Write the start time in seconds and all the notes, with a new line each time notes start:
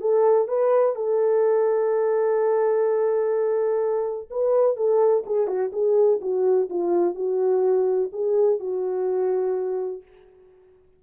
0.00 A4
0.48 B4
0.95 A4
4.30 B4
4.76 A4
5.26 G#4
5.47 F#4
5.72 G#4
6.21 F#4
6.69 F4
7.15 F#4
8.12 G#4
8.59 F#4